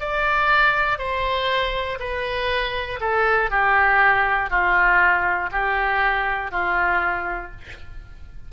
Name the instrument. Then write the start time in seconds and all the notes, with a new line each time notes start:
oboe
0.00 D5
0.98 C5
2.00 B4
3.00 A4
3.50 G4
4.50 F4
5.52 G4
6.51 F4